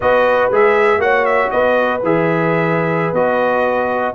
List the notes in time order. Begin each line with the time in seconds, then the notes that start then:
0.00 B3 F#4 B4 D#5
0.51 G#3 G#4 E5
0.98 A#3 F#4 C#5 F#5
1.25 E5
1.50 B3 B4 D#5
2.03 E3 G#4 E5
3.12 B3 F#4 D#5